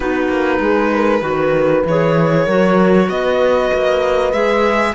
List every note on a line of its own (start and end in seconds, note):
0.00 0.28 B3
0.00 1.21 D#4
0.00 0.61 F#4
0.00 1.84 B4
0.28 0.59 A#3
0.60 1.21 G#3
0.60 0.92 G#4
0.94 1.25 A#4
1.21 1.83 D#3
1.21 1.82 F#4
1.21 2.45 B4
1.84 2.46 E3
1.84 2.48 G#4
1.84 3.09 C#5
2.45 3.09 F#3
2.45 4.33 F#4
2.45 3.07 A#4
3.08 3.70 B3
3.08 4.93 B4
3.08 4.32 D#5
3.73 4.32 A#3
4.32 4.94 G#3
4.32 4.94 G#4
4.32 4.94 E5